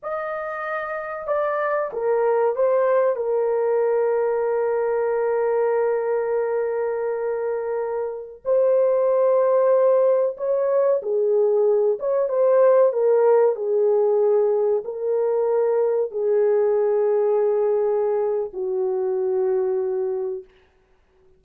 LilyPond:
\new Staff \with { instrumentName = "horn" } { \time 4/4 \tempo 4 = 94 dis''2 d''4 ais'4 | c''4 ais'2.~ | ais'1~ | ais'4~ ais'16 c''2~ c''8.~ |
c''16 cis''4 gis'4. cis''8 c''8.~ | c''16 ais'4 gis'2 ais'8.~ | ais'4~ ais'16 gis'2~ gis'8.~ | gis'4 fis'2. | }